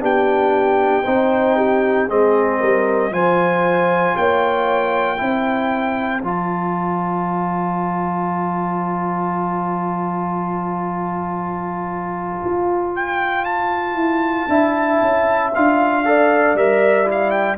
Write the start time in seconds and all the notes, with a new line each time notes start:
0.00 B3 D4 G4 G5
1.05 C4 D#4 C5
1.56 G4
2.08 G#3 C4 G#4 D#5
2.60 G3 A#4
3.11 F3 F4 C5 G#5
4.17 A#3 C#5 G5
5.17 C4 E4 C5
6.22 F3 F4 A5
12.45 F4
12.96 G5
13.45 A5
13.95 E4
14.49 D4 E4 E5
15.02 C#4
15.55 D4 F4 F5
16.05 A4 D5
16.55 G3 A#4 E5
17.05 E4
17.12 F5
17.31 G5